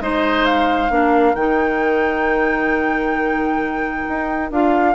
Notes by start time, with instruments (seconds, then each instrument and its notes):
0.00 bassoon G#3, clarinet D#4, oboe C5, flute D#5
0.45 flute F5
0.89 bassoon A#3, clarinet D4, oboe A#4
1.34 bassoon D#3, clarinet D#4, flute G5
4.08 bassoon D#4
4.50 bassoon D4, clarinet F4, flute F5